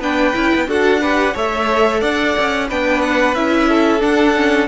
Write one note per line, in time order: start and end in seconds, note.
0.00 0.33 B3
0.00 0.34 D4
0.00 0.67 B4
0.00 0.70 G5
0.34 0.53 C#4
0.34 0.67 E4
0.55 0.67 B3
0.67 1.34 D4
0.67 1.01 F#4
0.67 1.02 A4
0.67 1.37 F#5
1.02 1.35 G4
1.02 1.34 B4
1.34 2.02 A3
1.34 2.69 A4
1.34 2.00 C#5
1.34 2.02 E5
2.00 2.36 D4
2.00 2.67 D5
2.00 2.68 F#5
2.38 2.72 C#4
2.69 3.35 B3
2.69 3.36 D4
2.69 3.69 B4
2.69 3.02 G5
3.02 3.35 F#5
3.35 4.02 C#4
3.35 4.00 E4
3.35 4.01 E5
3.69 4.68 A4
4.00 4.33 D4
4.00 4.68 D4
4.00 4.68 F#5
4.36 4.68 C#4